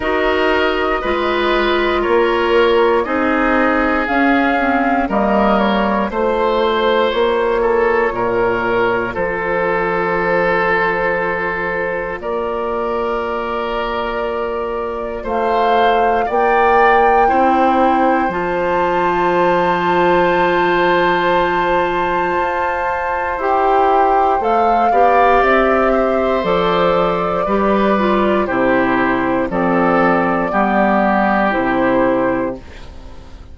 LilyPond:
<<
  \new Staff \with { instrumentName = "flute" } { \time 4/4 \tempo 4 = 59 dis''2 cis''4 dis''4 | f''4 dis''8 cis''8 c''4 cis''4~ | cis''4 c''2. | d''2. f''4 |
g''2 a''2~ | a''2. g''4 | f''4 e''4 d''2 | c''4 d''2 c''4 | }
  \new Staff \with { instrumentName = "oboe" } { \time 4/4 ais'4 b'4 ais'4 gis'4~ | gis'4 ais'4 c''4. a'8 | ais'4 a'2. | ais'2. c''4 |
d''4 c''2.~ | c''1~ | c''8 d''4 c''4. b'4 | g'4 a'4 g'2 | }
  \new Staff \with { instrumentName = "clarinet" } { \time 4/4 fis'4 f'2 dis'4 | cis'8 c'8 ais4 f'2~ | f'1~ | f'1~ |
f'4 e'4 f'2~ | f'2. g'4 | a'8 g'4. a'4 g'8 f'8 | e'4 c'4 b4 e'4 | }
  \new Staff \with { instrumentName = "bassoon" } { \time 4/4 dis'4 gis4 ais4 c'4 | cis'4 g4 a4 ais4 | ais,4 f2. | ais2. a4 |
ais4 c'4 f2~ | f2 f'4 e'4 | a8 b8 c'4 f4 g4 | c4 f4 g4 c4 | }
>>